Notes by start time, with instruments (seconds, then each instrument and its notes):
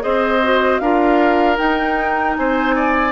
0.00 bassoon C4, clarinet G#4, oboe C5, flute D#5
0.43 clarinet F#4
0.78 bassoon D4, clarinet F4, oboe A#4, flute F5
1.56 clarinet D#4, bassoon D#4, flute G5
2.36 bassoon C4, oboe C5, flute G#5
2.75 oboe D5